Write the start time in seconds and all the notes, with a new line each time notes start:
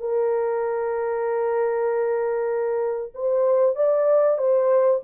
0.00 A#4
3.14 C5
3.76 D5
4.38 C5